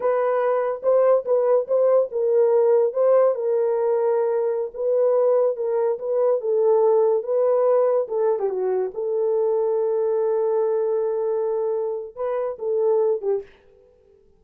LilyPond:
\new Staff \with { instrumentName = "horn" } { \time 4/4 \tempo 4 = 143 b'2 c''4 b'4 | c''4 ais'2 c''4 | ais'2.~ ais'16 b'8.~ | b'4~ b'16 ais'4 b'4 a'8.~ |
a'4~ a'16 b'2 a'8. | g'16 fis'4 a'2~ a'8.~ | a'1~ | a'4 b'4 a'4. g'8 | }